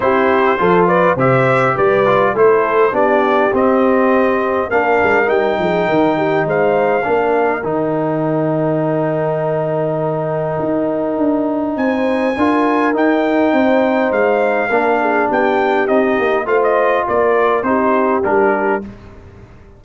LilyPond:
<<
  \new Staff \with { instrumentName = "trumpet" } { \time 4/4 \tempo 4 = 102 c''4. d''8 e''4 d''4 | c''4 d''4 dis''2 | f''4 g''2 f''4~ | f''4 g''2.~ |
g''1 | gis''2 g''2 | f''2 g''4 dis''4 | f''16 dis''8. d''4 c''4 ais'4 | }
  \new Staff \with { instrumentName = "horn" } { \time 4/4 g'4 a'8 b'8 c''4 b'4 | a'4 g'2. | ais'4. gis'8 ais'8 g'8 c''4 | ais'1~ |
ais'1 | c''4 ais'2 c''4~ | c''4 ais'8 gis'8 g'2 | c''4 ais'4 g'2 | }
  \new Staff \with { instrumentName = "trombone" } { \time 4/4 e'4 f'4 g'4. f'8 | e'4 d'4 c'2 | d'4 dis'2. | d'4 dis'2.~ |
dis'1~ | dis'4 f'4 dis'2~ | dis'4 d'2 dis'4 | f'2 dis'4 d'4 | }
  \new Staff \with { instrumentName = "tuba" } { \time 4/4 c'4 f4 c4 g4 | a4 b4 c'2 | ais8 gis8 g8 f8 dis4 gis4 | ais4 dis2.~ |
dis2 dis'4 d'4 | c'4 d'4 dis'4 c'4 | gis4 ais4 b4 c'8 ais8 | a4 ais4 c'4 g4 | }
>>